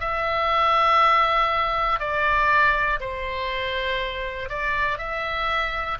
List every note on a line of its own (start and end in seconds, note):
0.00 1.99 E5
1.99 2.99 D5
3.00 4.49 C5
4.49 4.98 D5
4.98 5.98 E5